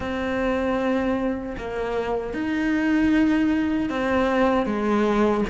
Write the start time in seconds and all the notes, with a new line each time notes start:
0.00 C4
1.57 A#3
2.33 D#4
3.89 C4
4.66 G#3